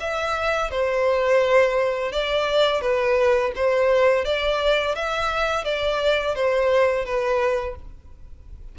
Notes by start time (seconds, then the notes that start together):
0.00 E5
0.71 C5
2.12 D5
2.81 B4
3.56 C5
4.24 D5
4.95 E5
5.64 D5
6.35 C5
7.05 B4